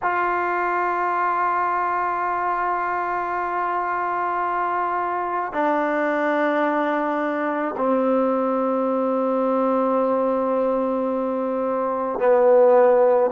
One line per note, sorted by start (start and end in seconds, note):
0.02 5.53 F4
5.53 7.75 D4
7.77 12.19 C4
12.19 13.30 B3